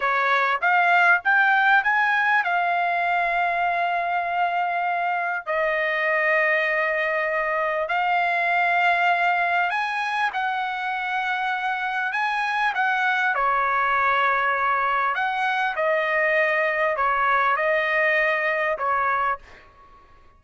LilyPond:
\new Staff \with { instrumentName = "trumpet" } { \time 4/4 \tempo 4 = 99 cis''4 f''4 g''4 gis''4 | f''1~ | f''4 dis''2.~ | dis''4 f''2. |
gis''4 fis''2. | gis''4 fis''4 cis''2~ | cis''4 fis''4 dis''2 | cis''4 dis''2 cis''4 | }